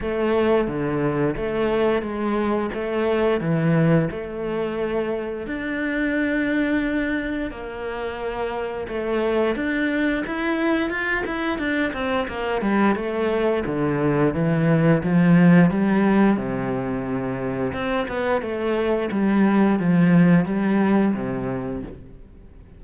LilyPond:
\new Staff \with { instrumentName = "cello" } { \time 4/4 \tempo 4 = 88 a4 d4 a4 gis4 | a4 e4 a2 | d'2. ais4~ | ais4 a4 d'4 e'4 |
f'8 e'8 d'8 c'8 ais8 g8 a4 | d4 e4 f4 g4 | c2 c'8 b8 a4 | g4 f4 g4 c4 | }